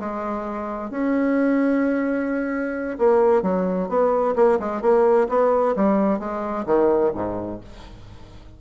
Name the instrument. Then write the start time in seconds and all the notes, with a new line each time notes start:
bassoon
0.00 G#3
0.91 C#4
2.99 A#3
3.43 F#3
3.89 B3
4.36 A#3
4.60 G#3
4.82 A#3
5.29 B3
5.76 G3
6.20 G#3
6.66 D#3
7.15 G#2